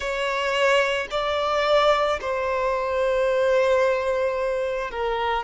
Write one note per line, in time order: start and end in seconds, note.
0.00 1.07 C#5
1.10 2.19 D5
2.21 4.90 C5
4.90 5.43 A#4